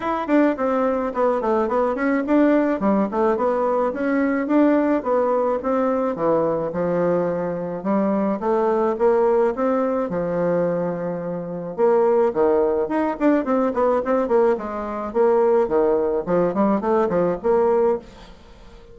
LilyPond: \new Staff \with { instrumentName = "bassoon" } { \time 4/4 \tempo 4 = 107 e'8 d'8 c'4 b8 a8 b8 cis'8 | d'4 g8 a8 b4 cis'4 | d'4 b4 c'4 e4 | f2 g4 a4 |
ais4 c'4 f2~ | f4 ais4 dis4 dis'8 d'8 | c'8 b8 c'8 ais8 gis4 ais4 | dis4 f8 g8 a8 f8 ais4 | }